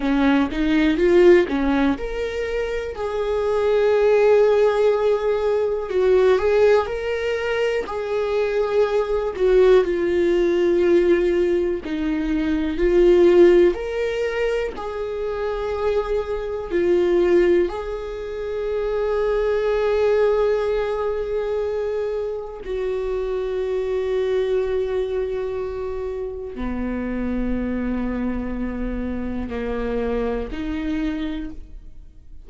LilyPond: \new Staff \with { instrumentName = "viola" } { \time 4/4 \tempo 4 = 61 cis'8 dis'8 f'8 cis'8 ais'4 gis'4~ | gis'2 fis'8 gis'8 ais'4 | gis'4. fis'8 f'2 | dis'4 f'4 ais'4 gis'4~ |
gis'4 f'4 gis'2~ | gis'2. fis'4~ | fis'2. b4~ | b2 ais4 dis'4 | }